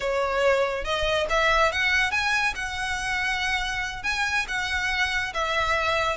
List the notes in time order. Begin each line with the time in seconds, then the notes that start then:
0.00 C#5
0.84 D#5
1.29 E5
1.71 F#5
2.11 G#5
2.55 F#5
4.03 G#5
4.48 F#5
5.33 E5